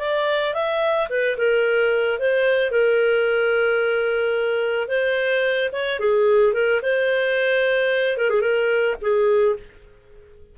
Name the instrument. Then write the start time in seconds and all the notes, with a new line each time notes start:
clarinet
0.00 D5
0.54 E5
1.10 B4
1.38 A#4
2.19 C5
2.71 A#4
4.88 C5
5.72 C#5
6.00 G#4
6.54 A#4
6.83 C5
8.18 A#4
8.30 G#4
8.41 A#4
9.02 G#4